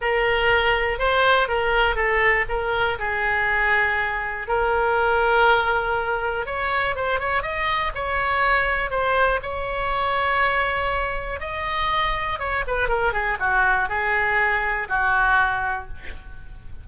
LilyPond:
\new Staff \with { instrumentName = "oboe" } { \time 4/4 \tempo 4 = 121 ais'2 c''4 ais'4 | a'4 ais'4 gis'2~ | gis'4 ais'2.~ | ais'4 cis''4 c''8 cis''8 dis''4 |
cis''2 c''4 cis''4~ | cis''2. dis''4~ | dis''4 cis''8 b'8 ais'8 gis'8 fis'4 | gis'2 fis'2 | }